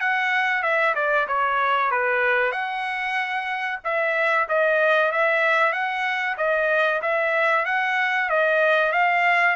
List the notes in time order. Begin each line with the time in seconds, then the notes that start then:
0.00 F#5
0.62 E5
0.95 D5
1.27 C#5
1.91 B4
2.52 F#5
3.84 E5
4.49 D#5
5.12 E5
5.72 F#5
6.37 D#5
7.02 E5
7.65 F#5
8.29 D#5
8.92 F5